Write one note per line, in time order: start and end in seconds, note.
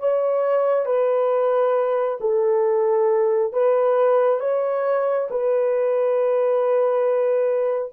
0.00 0.86 C#5
0.86 2.18 B4
2.21 3.53 A4
3.53 4.40 B4
4.40 5.28 C#5
5.31 7.93 B4